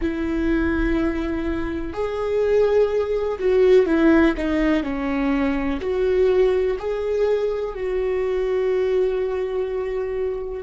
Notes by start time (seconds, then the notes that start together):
0.01 E4
1.93 G#4
3.38 F#4
3.86 E4
4.36 D#4
4.83 C#4
5.80 F#4
6.78 G#4
7.74 F#4